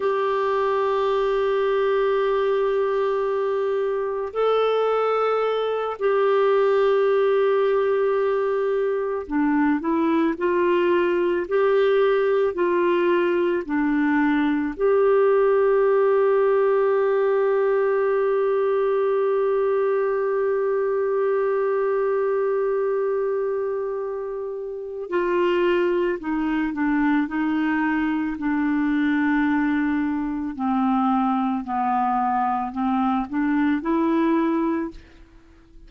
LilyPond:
\new Staff \with { instrumentName = "clarinet" } { \time 4/4 \tempo 4 = 55 g'1 | a'4. g'2~ g'8~ | g'8 d'8 e'8 f'4 g'4 f'8~ | f'8 d'4 g'2~ g'8~ |
g'1~ | g'2. f'4 | dis'8 d'8 dis'4 d'2 | c'4 b4 c'8 d'8 e'4 | }